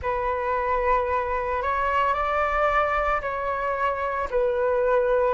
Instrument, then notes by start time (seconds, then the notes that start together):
flute
0.01 B4
1.62 C#5
2.13 D5
3.21 C#5
4.30 B4